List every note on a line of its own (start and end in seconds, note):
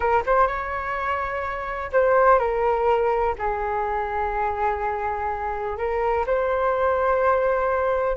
0.00 0.22 A#4
0.25 0.47 C5
0.47 1.91 C#5
1.92 2.38 C5
2.38 3.34 A#4
3.38 5.77 G#4
5.77 6.25 A#4
6.26 8.16 C5